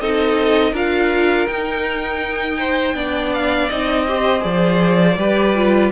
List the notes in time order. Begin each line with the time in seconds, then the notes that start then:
0.00 C4 D#4 A4 D#5
0.72 D4 F4 A#4 F5
1.47 D#4 G5
2.58 C5
2.94 B3 D4 D5
3.33 F5
3.69 C4 D#4 D#5
4.07 G4 C5
4.40 F3 G#4 D5
5.17 G3 G4 B4
5.55 F4